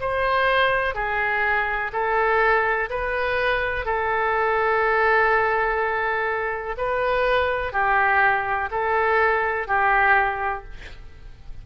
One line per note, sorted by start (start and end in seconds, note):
0.00 0.95 C5
0.95 1.91 G#4
1.93 2.89 A4
2.90 3.85 B4
3.85 6.76 A4
6.77 7.72 B4
7.72 8.69 G4
8.71 9.67 A4
9.67 10.64 G4